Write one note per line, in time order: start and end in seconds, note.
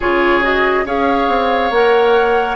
0.00 0.85 C#3
0.00 0.42 F4
0.00 0.84 G#4
0.00 0.43 C#5
0.42 0.85 F#4
0.42 0.86 D#5
0.85 1.28 C#4
0.85 1.71 G#4
0.85 2.55 C#5
0.85 1.73 F5
1.28 1.70 C4
1.70 2.55 A#3
1.70 2.55 A#4
1.70 2.55 F#5